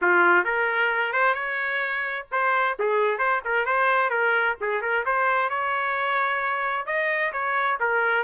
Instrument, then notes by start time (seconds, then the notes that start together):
trumpet
0.01 F4
0.44 A#4
1.13 C5
1.34 C#5
2.31 C5
2.79 G#4
3.18 C5
3.44 A#4
3.65 C5
4.10 A#4
4.60 G#4
4.81 A#4
5.05 C5
5.49 C#5
6.86 D#5
7.32 C#5
7.80 A#4